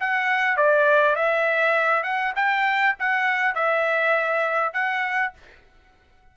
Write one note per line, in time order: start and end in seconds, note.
0.00 0.57 F#5
0.57 1.15 D5
1.15 2.03 E5
2.03 2.33 F#5
2.36 2.96 G5
2.99 3.55 F#5
3.55 4.73 E5
4.73 5.33 F#5